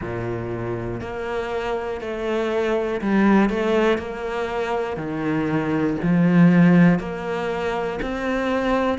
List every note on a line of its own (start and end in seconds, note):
0.01 1.00 A#2
1.00 2.00 A#3
2.00 3.00 A3
3.00 3.50 G3
3.50 3.98 A3
3.98 4.96 A#3
4.96 5.96 D#3
6.02 6.99 F3
6.99 7.99 A#3
8.02 8.98 C4